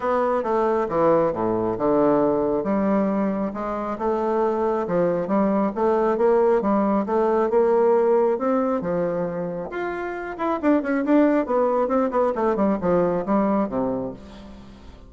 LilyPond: \new Staff \with { instrumentName = "bassoon" } { \time 4/4 \tempo 4 = 136 b4 a4 e4 a,4 | d2 g2 | gis4 a2 f4 | g4 a4 ais4 g4 |
a4 ais2 c'4 | f2 f'4. e'8 | d'8 cis'8 d'4 b4 c'8 b8 | a8 g8 f4 g4 c4 | }